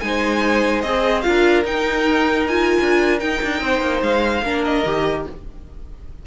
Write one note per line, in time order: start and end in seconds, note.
0.00 0.83 G#3
0.00 0.84 D#4
0.00 1.27 C5
0.00 0.81 G#5
0.81 1.24 C4
0.81 1.23 G#4
0.81 1.22 D#5
1.22 1.64 D4
1.22 1.64 F4
1.22 3.62 A#4
1.22 1.63 F5
1.64 2.77 D#4
1.64 2.47 D#4
1.64 2.47 G5
2.47 3.19 F4
2.47 3.19 G#5
2.80 3.21 D4
3.19 4.42 D#4
3.19 3.42 D#4
3.19 4.01 G5
3.42 3.61 D4
3.61 3.81 C4
3.61 4.43 C5
3.81 4.01 A#3
4.02 4.42 G#3
4.02 4.64 F5
4.42 4.83 A#3
4.42 4.85 D4
4.42 5.26 A#4
4.64 5.25 D#5
4.85 5.26 D#3
4.85 5.26 G4